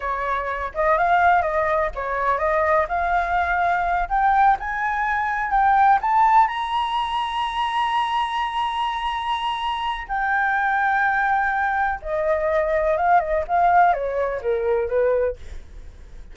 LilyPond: \new Staff \with { instrumentName = "flute" } { \time 4/4 \tempo 4 = 125 cis''4. dis''8 f''4 dis''4 | cis''4 dis''4 f''2~ | f''8 g''4 gis''2 g''8~ | g''8 a''4 ais''2~ ais''8~ |
ais''1~ | ais''4 g''2.~ | g''4 dis''2 f''8 dis''8 | f''4 cis''4 ais'4 b'4 | }